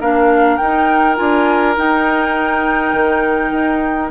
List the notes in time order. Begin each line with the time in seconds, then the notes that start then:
0.00 A#3 D4 A#4 F5
0.57 D#4 G5
1.16 D4 F4 G#5
1.77 D#4 G5
2.93 D#3
3.51 D#4